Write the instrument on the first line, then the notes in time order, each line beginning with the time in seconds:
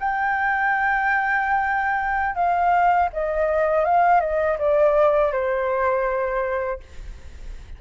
flute
0.00 G5
2.35 F5
3.13 D#5
3.85 F5
4.21 D#5
4.59 D5
5.32 C5